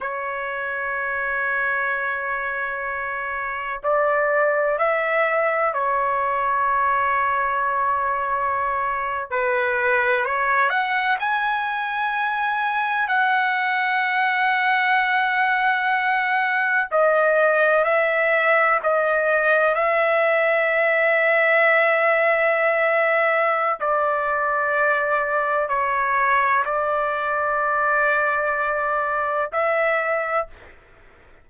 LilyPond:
\new Staff \with { instrumentName = "trumpet" } { \time 4/4 \tempo 4 = 63 cis''1 | d''4 e''4 cis''2~ | cis''4.~ cis''16 b'4 cis''8 fis''8 gis''16~ | gis''4.~ gis''16 fis''2~ fis''16~ |
fis''4.~ fis''16 dis''4 e''4 dis''16~ | dis''8. e''2.~ e''16~ | e''4 d''2 cis''4 | d''2. e''4 | }